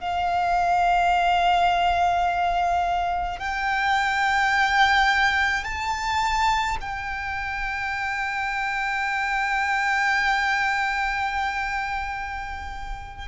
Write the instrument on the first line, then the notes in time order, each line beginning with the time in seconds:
violin
0.00 F5
3.40 G5
5.64 A5
6.81 G5